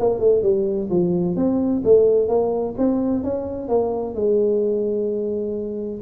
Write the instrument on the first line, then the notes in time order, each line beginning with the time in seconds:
tuba
0.00 A#3
0.20 A3
0.43 G3
0.90 F3
1.36 C4
1.85 A3
2.29 A#3
2.78 C4
3.24 C#4
3.69 A#3
4.15 G#3